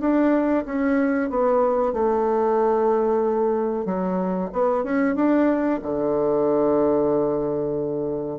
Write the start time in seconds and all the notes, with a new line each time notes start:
0.00 D4
0.65 C#4
1.30 B3
1.93 A3
3.85 F#3
4.52 B3
4.84 C#4
5.15 D4
5.82 D3